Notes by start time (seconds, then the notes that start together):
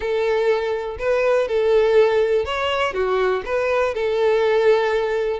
0.00 A4
0.98 B4
1.48 A4
2.45 C#5
2.93 F#4
3.45 B4
3.94 A4